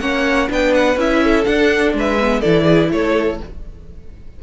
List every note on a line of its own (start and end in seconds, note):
0.00 0.49 A#3
0.00 0.49 C#4
0.00 0.49 C#5
0.00 0.48 F#5
0.49 0.96 B3
0.49 0.97 D4
0.49 1.24 B4
0.49 0.74 G5
0.74 0.98 F#5
0.96 1.45 C#4
0.96 1.46 E4
0.96 1.44 E5
1.24 1.96 A4
1.44 2.18 D4
1.44 1.93 D4
1.44 1.93 F#5
1.93 2.42 G#3
1.93 2.40 B4
1.99 2.41 E5
2.20 2.43 B3
2.40 2.91 E3
2.40 3.40 E4
2.40 2.64 A4
2.40 2.90 D5
2.64 2.89 G#4
2.91 3.39 A3
2.91 3.43 A4
2.91 3.41 C#5